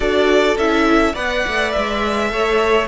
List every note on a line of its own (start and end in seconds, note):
0.00 0.56 D4
0.00 0.57 F#4
0.00 1.13 A4
0.00 0.57 D5
0.56 1.14 C#4
0.56 1.14 E4
0.56 1.15 E5
1.13 1.44 B3
1.13 2.29 B4
1.13 2.28 D5
1.13 1.72 F#5
1.47 1.76 A3
1.72 2.32 G#3
1.72 2.87 E5
2.29 2.87 A3
2.29 2.86 A4
2.29 2.87 C#5